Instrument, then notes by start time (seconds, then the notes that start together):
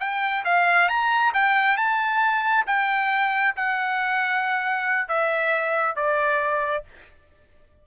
trumpet
0.00 G5
0.45 F5
0.88 A#5
1.34 G5
1.77 A5
2.67 G5
3.56 F#5
5.08 E5
5.96 D5